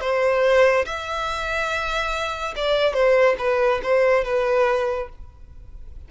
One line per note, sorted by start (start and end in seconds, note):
0.00 0.85 C5
0.85 2.54 E5
2.55 2.93 D5
2.93 3.35 C5
3.38 3.80 B4
3.82 4.24 C5
4.24 5.08 B4